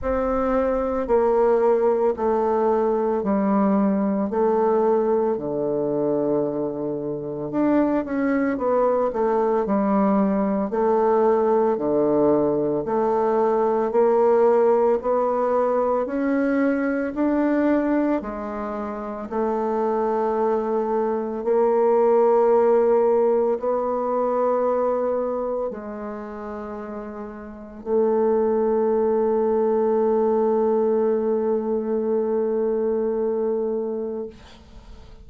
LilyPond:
\new Staff \with { instrumentName = "bassoon" } { \time 4/4 \tempo 4 = 56 c'4 ais4 a4 g4 | a4 d2 d'8 cis'8 | b8 a8 g4 a4 d4 | a4 ais4 b4 cis'4 |
d'4 gis4 a2 | ais2 b2 | gis2 a2~ | a1 | }